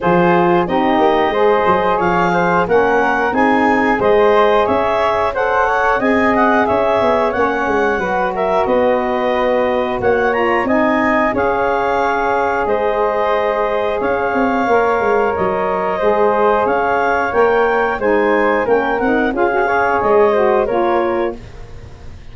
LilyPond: <<
  \new Staff \with { instrumentName = "clarinet" } { \time 4/4 \tempo 4 = 90 c''4 dis''2 f''4 | fis''4 gis''4 dis''4 e''4 | fis''4 gis''8 fis''8 e''4 fis''4~ | fis''8 e''8 dis''2 fis''8 ais''8 |
gis''4 f''2 dis''4~ | dis''4 f''2 dis''4~ | dis''4 f''4 g''4 gis''4 | g''8 fis''8 f''4 dis''4 cis''4 | }
  \new Staff \with { instrumentName = "flute" } { \time 4/4 gis'4 g'4 c''4 cis''8 c''8 | ais'4 gis'4 c''4 cis''4 | c''8 cis''8 dis''4 cis''2 | b'8 ais'8 b'2 cis''4 |
dis''4 cis''2 c''4~ | c''4 cis''2. | c''4 cis''2 c''4 | ais'4 gis'8 cis''4 c''8 ais'4 | }
  \new Staff \with { instrumentName = "saxophone" } { \time 4/4 f'4 dis'4 gis'2 | cis'4 dis'4 gis'2 | a'4 gis'2 cis'4 | fis'2.~ fis'8 f'8 |
dis'4 gis'2.~ | gis'2 ais'2 | gis'2 ais'4 dis'4 | cis'8 dis'8 f'16 fis'16 gis'4 fis'8 f'4 | }
  \new Staff \with { instrumentName = "tuba" } { \time 4/4 f4 c'8 ais8 gis8 fis8 f4 | ais4 c'4 gis4 cis'4~ | cis'4 c'4 cis'8 b8 ais8 gis8 | fis4 b2 ais4 |
c'4 cis'2 gis4~ | gis4 cis'8 c'8 ais8 gis8 fis4 | gis4 cis'4 ais4 gis4 | ais8 c'8 cis'4 gis4 ais4 | }
>>